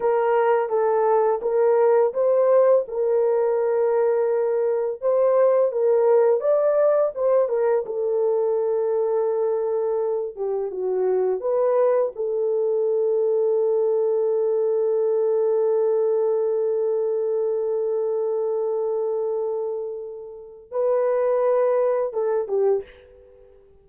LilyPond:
\new Staff \with { instrumentName = "horn" } { \time 4/4 \tempo 4 = 84 ais'4 a'4 ais'4 c''4 | ais'2. c''4 | ais'4 d''4 c''8 ais'8 a'4~ | a'2~ a'8 g'8 fis'4 |
b'4 a'2.~ | a'1~ | a'1~ | a'4 b'2 a'8 g'8 | }